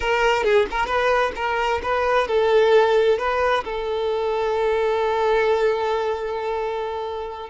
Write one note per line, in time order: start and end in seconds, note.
0.00 0.43 A#4
0.43 0.66 G#4
0.70 0.86 A#4
0.86 1.32 B4
1.35 1.81 A#4
1.82 2.27 B4
2.27 3.18 A4
3.18 3.64 B4
3.64 7.49 A4